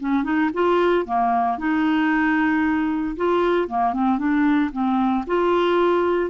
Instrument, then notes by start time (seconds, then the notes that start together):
clarinet
0.00 C#4
0.23 D#4
0.53 F4
1.06 A#3
1.58 D#4
3.16 F4
3.68 A#3
3.93 C4
4.18 D4
4.72 C4
5.27 F4